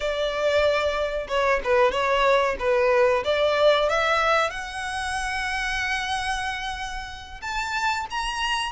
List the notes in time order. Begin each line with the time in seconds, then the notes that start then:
0.00 D5
1.28 C#5
1.64 B4
1.91 C#5
2.59 B4
3.24 D5
3.89 E5
4.50 F#5
7.41 A5
8.10 A#5